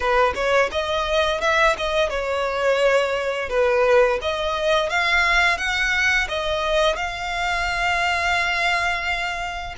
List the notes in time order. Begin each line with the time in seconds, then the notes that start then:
0.00 B4
0.35 C#5
0.71 D#5
1.40 E5
1.77 D#5
2.09 C#5
3.49 B4
4.21 D#5
4.89 F5
5.57 F#5
6.28 D#5
6.96 F5